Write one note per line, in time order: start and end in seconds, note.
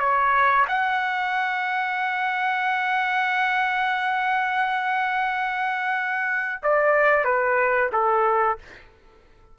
0.00 0.66 C#5
0.69 6.62 F#5
6.63 7.25 D5
7.25 7.91 B4
7.93 8.59 A4